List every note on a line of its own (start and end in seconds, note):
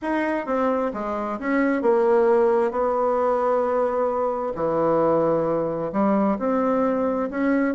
0.01 0.46 D#4
0.46 0.91 C4
0.93 1.39 G#3
1.39 1.81 C#4
1.81 2.71 A#3
2.71 4.52 B3
4.55 5.91 E3
5.92 6.37 G3
6.38 7.29 C4
7.30 7.74 C#4